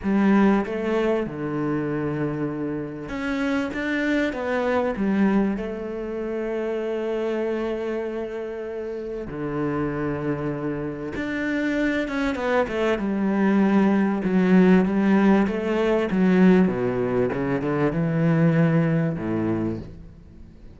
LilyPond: \new Staff \with { instrumentName = "cello" } { \time 4/4 \tempo 4 = 97 g4 a4 d2~ | d4 cis'4 d'4 b4 | g4 a2.~ | a2. d4~ |
d2 d'4. cis'8 | b8 a8 g2 fis4 | g4 a4 fis4 b,4 | cis8 d8 e2 a,4 | }